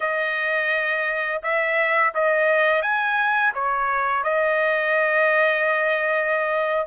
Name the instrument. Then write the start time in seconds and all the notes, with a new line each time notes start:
trumpet
0.00 D#5
1.42 E5
2.14 D#5
2.82 G#5
3.54 C#5
4.23 D#5